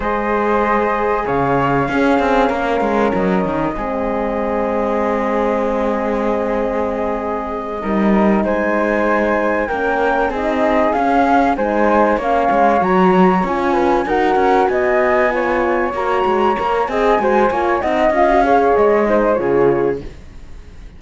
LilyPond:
<<
  \new Staff \with { instrumentName = "flute" } { \time 4/4 \tempo 4 = 96 dis''2 f''2~ | f''4 dis''2.~ | dis''1~ | dis''4. gis''2 g''8~ |
g''8 dis''4 f''4 gis''4 f''8~ | f''8 ais''4 gis''4 fis''4 gis''8~ | gis''4. ais''4. gis''4~ | gis''8 fis''8 f''4 dis''4 cis''4 | }
  \new Staff \with { instrumentName = "flute" } { \time 4/4 c''2 cis''4 gis'4 | ais'2 gis'2~ | gis'1~ | gis'8 ais'4 c''2 ais'8~ |
ais'8 gis'2 c''4 cis''8~ | cis''2 b'8 ais'4 dis''8~ | dis''8 cis''2~ cis''8 dis''8 c''8 | cis''8 dis''4 cis''4 c''8 gis'4 | }
  \new Staff \with { instrumentName = "horn" } { \time 4/4 gis'2. cis'4~ | cis'2 c'2~ | c'1~ | c'8 dis'2. cis'8~ |
cis'8 dis'4 cis'4 dis'4 cis'8~ | cis'8 fis'4 f'4 fis'4.~ | fis'8 f'4 fis'4 ais'8 gis'8 fis'8 | f'8 dis'8 f'16 fis'16 gis'4 dis'8 f'4 | }
  \new Staff \with { instrumentName = "cello" } { \time 4/4 gis2 cis4 cis'8 c'8 | ais8 gis8 fis8 dis8 gis2~ | gis1~ | gis8 g4 gis2 ais8~ |
ais8 c'4 cis'4 gis4 ais8 | gis8 fis4 cis'4 dis'8 cis'8 b8~ | b4. ais8 gis8 ais8 c'8 gis8 | ais8 c'8 cis'4 gis4 cis4 | }
>>